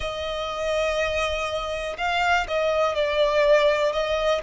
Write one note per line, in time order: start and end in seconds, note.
0.00 1.96 D#5
1.97 2.46 F5
2.47 2.95 D#5
2.95 3.92 D5
3.92 4.41 D#5